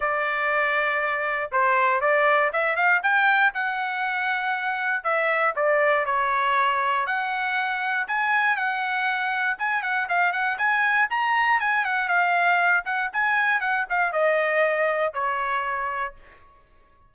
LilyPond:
\new Staff \with { instrumentName = "trumpet" } { \time 4/4 \tempo 4 = 119 d''2. c''4 | d''4 e''8 f''8 g''4 fis''4~ | fis''2 e''4 d''4 | cis''2 fis''2 |
gis''4 fis''2 gis''8 fis''8 | f''8 fis''8 gis''4 ais''4 gis''8 fis''8 | f''4. fis''8 gis''4 fis''8 f''8 | dis''2 cis''2 | }